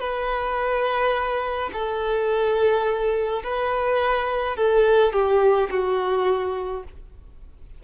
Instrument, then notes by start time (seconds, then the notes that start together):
violin
0.00 B4
1.73 A4
3.43 B4
4.56 A4
5.13 G4
5.70 F#4